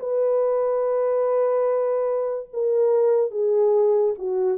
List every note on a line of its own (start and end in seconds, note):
0.00 2.50 B4
2.54 3.31 A#4
3.31 4.15 G#4
4.19 4.58 F#4